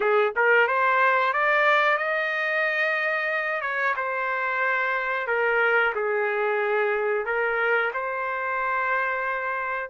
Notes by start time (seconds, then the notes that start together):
0.00 G#4
0.35 A#4
0.67 C5
1.33 D5
1.97 D#5
3.61 C#5
3.96 C5
5.27 A#4
5.95 G#4
7.25 A#4
7.93 C5